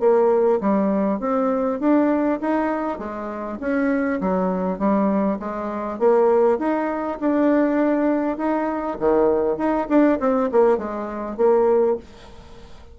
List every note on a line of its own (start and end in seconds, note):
0.00 0.60 A#3
0.61 1.20 G3
1.20 1.80 C4
1.80 2.40 D4
2.41 2.99 D#4
2.99 3.59 G#3
3.60 4.20 C#4
4.21 4.79 F#3
4.79 5.39 G3
5.39 5.99 G#3
5.99 6.58 A#3
6.58 7.18 D#4
7.20 8.38 D4
8.38 8.98 D#4
8.99 9.57 D#3
9.57 9.87 D#4
9.89 10.19 D4
10.20 10.50 C4
10.52 10.78 A#3
10.78 11.37 G#3
11.37 11.97 A#3